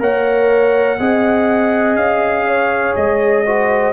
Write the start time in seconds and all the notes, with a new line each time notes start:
0.00 A#3 A#4 C#5 F#5
0.99 C4 G#4 D#5
1.96 C#4 F5
2.47 C#5
2.96 G#3 D#5
3.46 F#4 C5